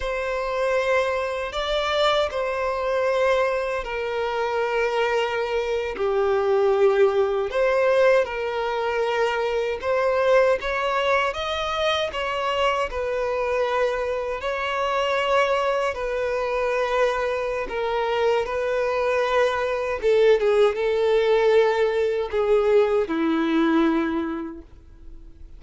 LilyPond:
\new Staff \with { instrumentName = "violin" } { \time 4/4 \tempo 4 = 78 c''2 d''4 c''4~ | c''4 ais'2~ ais'8. g'16~ | g'4.~ g'16 c''4 ais'4~ ais'16~ | ais'8. c''4 cis''4 dis''4 cis''16~ |
cis''8. b'2 cis''4~ cis''16~ | cis''8. b'2~ b'16 ais'4 | b'2 a'8 gis'8 a'4~ | a'4 gis'4 e'2 | }